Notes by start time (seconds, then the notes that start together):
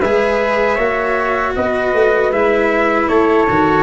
0.00 G#3 G#4 B4 E5
0.76 A#3 F#4 C#5
1.56 B3 B4 D#5
1.94 A3
2.31 G#3 E4 E5
3.09 A3 A4 C#5
3.50 D#3 F#4